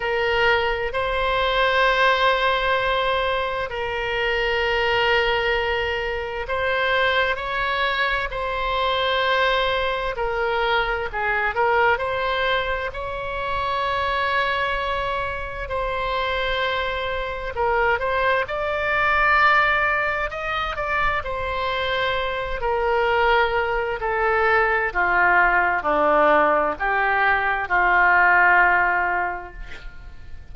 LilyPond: \new Staff \with { instrumentName = "oboe" } { \time 4/4 \tempo 4 = 65 ais'4 c''2. | ais'2. c''4 | cis''4 c''2 ais'4 | gis'8 ais'8 c''4 cis''2~ |
cis''4 c''2 ais'8 c''8 | d''2 dis''8 d''8 c''4~ | c''8 ais'4. a'4 f'4 | d'4 g'4 f'2 | }